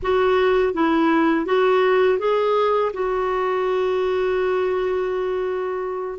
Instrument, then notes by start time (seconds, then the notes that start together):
clarinet
0.02 F#4
0.73 E4
1.45 F#4
2.18 G#4
2.93 F#4